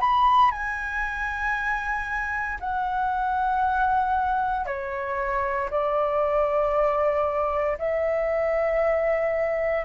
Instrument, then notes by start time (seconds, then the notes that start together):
flute
0.00 B5
0.51 G#5
2.60 F#5
4.66 C#5
5.70 D5
7.78 E5